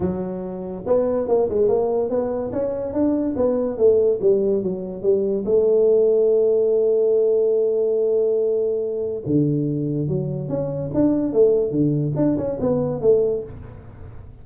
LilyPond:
\new Staff \with { instrumentName = "tuba" } { \time 4/4 \tempo 4 = 143 fis2 b4 ais8 gis8 | ais4 b4 cis'4 d'4 | b4 a4 g4 fis4 | g4 a2.~ |
a1~ | a2 d2 | fis4 cis'4 d'4 a4 | d4 d'8 cis'8 b4 a4 | }